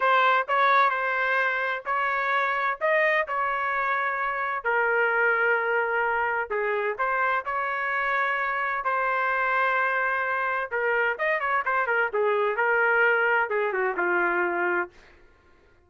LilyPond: \new Staff \with { instrumentName = "trumpet" } { \time 4/4 \tempo 4 = 129 c''4 cis''4 c''2 | cis''2 dis''4 cis''4~ | cis''2 ais'2~ | ais'2 gis'4 c''4 |
cis''2. c''4~ | c''2. ais'4 | dis''8 cis''8 c''8 ais'8 gis'4 ais'4~ | ais'4 gis'8 fis'8 f'2 | }